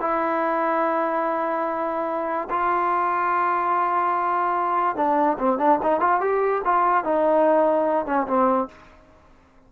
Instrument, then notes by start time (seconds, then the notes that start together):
trombone
0.00 E4
2.50 F4
4.96 D4
5.38 C4
5.58 D4
5.82 D#4
6.00 F4
6.20 G4
6.65 F4
7.04 D#4
8.06 C#4
8.27 C4